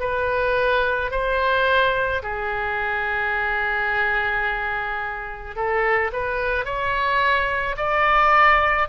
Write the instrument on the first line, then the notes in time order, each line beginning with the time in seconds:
oboe
0.00 B4
1.11 C5
2.22 G#4
5.56 A4
6.13 B4
6.65 C#5
7.77 D5